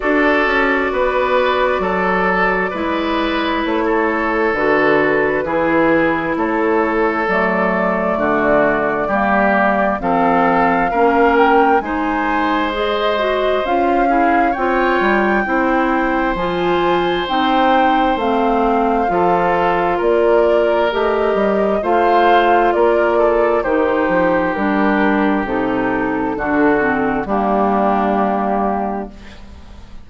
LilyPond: <<
  \new Staff \with { instrumentName = "flute" } { \time 4/4 \tempo 4 = 66 d''1 | cis''4 b'2 cis''4 | d''2. f''4~ | f''8 g''8 gis''4 dis''4 f''4 |
g''2 gis''4 g''4 | f''2 d''4 dis''4 | f''4 d''4 c''4 ais'4 | a'2 g'2 | }
  \new Staff \with { instrumentName = "oboe" } { \time 4/4 a'4 b'4 a'4 b'4~ | b'16 a'4.~ a'16 gis'4 a'4~ | a'4 fis'4 g'4 a'4 | ais'4 c''2~ c''8 gis'8 |
cis''4 c''2.~ | c''4 a'4 ais'2 | c''4 ais'8 a'8 g'2~ | g'4 fis'4 d'2 | }
  \new Staff \with { instrumentName = "clarinet" } { \time 4/4 fis'2. e'4~ | e'4 fis'4 e'2 | a2 ais4 c'4 | cis'4 dis'4 gis'8 fis'8 f'8 e'8 |
f'4 e'4 f'4 dis'4 | c'4 f'2 g'4 | f'2 dis'4 d'4 | dis'4 d'8 c'8 ais2 | }
  \new Staff \with { instrumentName = "bassoon" } { \time 4/4 d'8 cis'8 b4 fis4 gis4 | a4 d4 e4 a4 | fis4 d4 g4 f4 | ais4 gis2 cis'4 |
c'8 g8 c'4 f4 c'4 | a4 f4 ais4 a8 g8 | a4 ais4 dis8 f8 g4 | c4 d4 g2 | }
>>